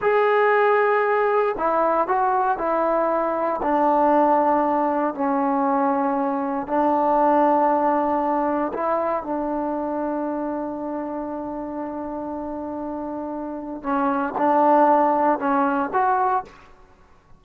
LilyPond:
\new Staff \with { instrumentName = "trombone" } { \time 4/4 \tempo 4 = 117 gis'2. e'4 | fis'4 e'2 d'4~ | d'2 cis'2~ | cis'4 d'2.~ |
d'4 e'4 d'2~ | d'1~ | d'2. cis'4 | d'2 cis'4 fis'4 | }